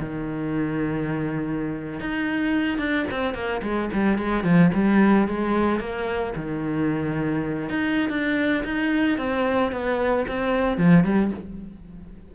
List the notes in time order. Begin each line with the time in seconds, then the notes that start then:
0.00 D#3
2.00 D#4
2.78 D4
3.11 C4
3.34 A#3
3.62 G#3
3.93 G3
4.18 G#3
4.44 F3
4.74 G3
5.28 G#3
5.80 A#3
6.36 D#3
7.70 D#4
8.10 D4
8.64 D#4
9.18 C4
9.72 B3
10.28 C4
10.77 F3
11.04 G3